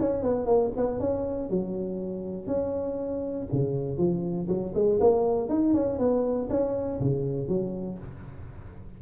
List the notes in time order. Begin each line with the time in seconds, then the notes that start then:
0.00 C#4
0.23 B3
0.46 A#3
0.77 B3
1.00 C#4
1.50 F#3
2.47 C#4
3.52 C#3
3.98 F3
4.48 F#3
4.75 G#3
5.01 A#3
5.50 D#4
5.74 C#4
5.99 B3
6.50 C#4
7.01 C#3
7.48 F#3